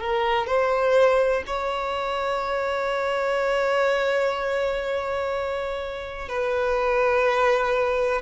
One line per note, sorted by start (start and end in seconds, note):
0.00 0.47 A#4
0.47 1.43 C5
1.46 6.28 C#5
6.28 8.22 B4